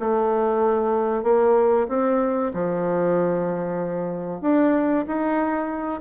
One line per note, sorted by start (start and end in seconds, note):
0.00 1.24 A3
1.24 1.88 A#3
1.89 2.53 C4
2.54 4.42 F3
4.42 5.06 D4
5.07 6.01 D#4